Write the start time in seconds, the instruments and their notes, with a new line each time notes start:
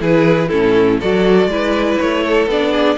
0.00 cello E3, viola E4, violin G#4 B4
0.49 cello A2, viola C#4, violin E4 A4
1.00 cello F#3, viola F#4, violin A4 D5
1.47 cello G#3, viola E4, violin B4
1.99 cello A3, violin C#5
2.24 violin A4
2.47 cello B3, viola D4, violin D5
2.72 violin G#4